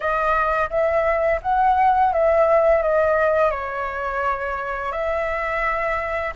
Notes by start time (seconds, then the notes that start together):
0.00 D#5
0.69 E5
1.42 F#5
2.12 E5
2.82 D#5
3.50 C#5
4.92 E5